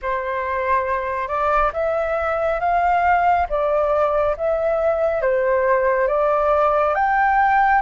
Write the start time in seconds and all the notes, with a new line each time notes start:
0.02 C5
1.28 D5
1.73 E5
2.60 F5
3.49 D5
4.36 E5
5.21 C5
6.07 D5
6.94 G5